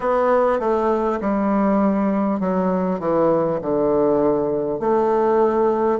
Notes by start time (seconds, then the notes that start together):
0.00 B3
0.59 A3
1.21 G3
2.39 F#3
2.99 E3
3.61 D3
4.79 A3